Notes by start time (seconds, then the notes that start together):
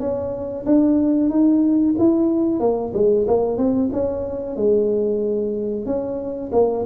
0.00 C#4
0.66 D4
1.30 D#4
1.99 E4
2.60 A#3
2.94 G#3
3.28 A#3
3.58 C4
3.93 C#4
4.57 G#3
5.86 C#4
6.52 A#3